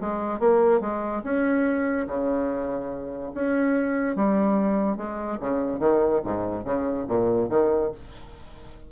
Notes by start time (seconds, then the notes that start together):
0.00 G#3
0.39 A#3
0.80 G#3
1.23 C#4
2.07 C#3
3.34 C#4
4.16 G3
4.97 G#3
5.40 C#3
5.79 D#3
6.24 G#2
6.64 C#3
7.08 A#2
7.49 D#3